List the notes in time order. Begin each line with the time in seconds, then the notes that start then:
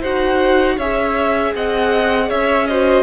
0.00 D#4 F#4 C5 F#5
0.77 C#4 G#4 C#5 E5
1.55 C4 D#5 F#5
2.29 C#4 C#5 E5
2.67 F#4 C5 D#5